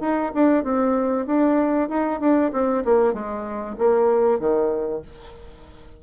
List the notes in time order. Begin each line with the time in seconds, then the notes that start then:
0.00 D#4
0.34 D4
0.64 C4
1.26 D4
1.89 D#4
2.20 D4
2.52 C4
2.84 A#3
3.13 G#3
3.78 A#3
4.39 D#3